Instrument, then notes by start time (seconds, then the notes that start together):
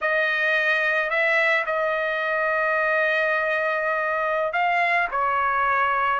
trumpet
0.01 D#5
1.10 E5
1.66 D#5
4.53 F5
5.11 C#5